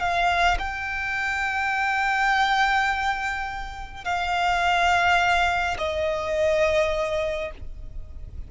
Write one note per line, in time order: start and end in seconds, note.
0.00 0.58 F5
0.58 4.04 G5
4.04 5.77 F5
5.78 7.51 D#5